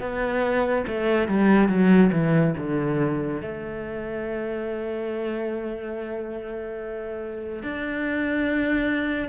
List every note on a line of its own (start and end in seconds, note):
0.00 0.85 B3
0.88 1.28 A3
1.28 1.68 G3
1.68 2.10 F#3
2.12 2.54 E3
2.57 3.42 D3
3.42 7.63 A3
7.63 9.29 D4